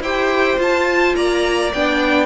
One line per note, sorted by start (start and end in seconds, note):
0.00 0.57 E4
0.00 0.57 G4
0.00 1.15 C5
0.00 0.59 G5
0.57 1.70 F4
0.57 1.14 F4
0.57 1.15 A5
1.15 1.72 A#3
1.15 2.26 D5
1.15 1.72 A#5
1.73 2.26 B3
1.73 2.26 D4
1.73 2.26 G5